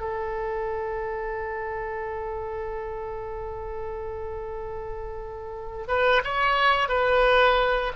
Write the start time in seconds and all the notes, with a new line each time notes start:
0.00 A4
5.88 B4
6.24 C#5
6.88 B4